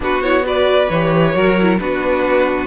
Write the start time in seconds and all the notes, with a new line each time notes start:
0.00 B3 D4 F#4 B4
0.22 E4 C#5
0.43 F#4 B4 D5
0.89 E3 G4 C#5
1.34 F#3 F#4 A#4
1.61 E4
1.78 B3 D4 F#4 B4